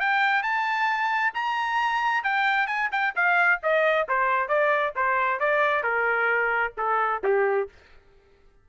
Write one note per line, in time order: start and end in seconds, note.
0.00 0.43 G5
0.43 1.33 A5
1.34 2.24 A#5
2.24 2.67 G5
2.67 2.90 G#5
2.92 3.14 G5
3.16 3.61 F5
3.63 4.08 D#5
4.08 4.49 C5
4.49 4.94 D5
4.96 5.40 C5
5.40 5.83 D5
5.83 6.73 A#4
6.77 7.22 A4
7.24 7.69 G4